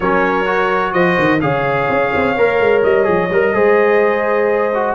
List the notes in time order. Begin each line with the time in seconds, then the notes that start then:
0.00 F#3 C#4 A#4 C#5
0.45 F#4
0.93 F3 C5 D#5
1.18 D#3
1.40 C#3 G#4 C#5 F5
1.89 C#4
2.15 C4
2.37 A#3 A#4
2.60 G#3
2.83 G3 D#5
3.04 F3 G#4
3.29 G3 A#4
3.53 G#3 G#4 C5
4.74 F#4